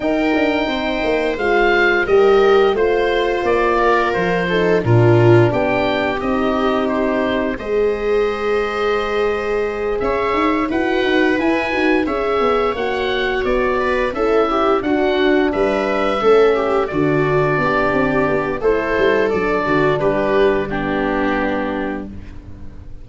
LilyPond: <<
  \new Staff \with { instrumentName = "oboe" } { \time 4/4 \tempo 4 = 87 g''2 f''4 dis''4 | c''4 d''4 c''4 ais'4 | g''4 dis''4 c''4 dis''4~ | dis''2~ dis''8 e''4 fis''8~ |
fis''8 gis''4 e''4 fis''4 d''8~ | d''8 e''4 fis''4 e''4.~ | e''8 d''2~ d''8 c''4 | d''4 b'4 g'2 | }
  \new Staff \with { instrumentName = "viola" } { \time 4/4 ais'4 c''2 ais'4 | c''4. ais'4 a'8 f'4 | g'2. c''4~ | c''2~ c''8 cis''4 b'8~ |
b'4. cis''2~ cis''8 | b'8 a'8 g'8 fis'4 b'4 a'8 | g'8 fis'4 g'4. a'4~ | a'8 fis'8 g'4 d'2 | }
  \new Staff \with { instrumentName = "horn" } { \time 4/4 dis'2 f'4 g'4 | f'2~ f'8 dis'8 d'4~ | d'4 dis'2 gis'4~ | gis'2.~ gis'8 fis'8~ |
fis'8 e'8 fis'8 gis'4 fis'4.~ | fis'8 e'4 d'2 cis'8~ | cis'8 d'2~ d'8 e'4 | d'2 b2 | }
  \new Staff \with { instrumentName = "tuba" } { \time 4/4 dis'8 d'8 c'8 ais8 gis4 g4 | a4 ais4 f4 ais,4 | b4 c'2 gis4~ | gis2~ gis8 cis'8 dis'8 e'8 |
dis'8 e'8 dis'8 cis'8 b8 ais4 b8~ | b8 cis'4 d'4 g4 a8~ | a8 d4 b8 c'8 b8 a8 g8 | fis8 d8 g2. | }
>>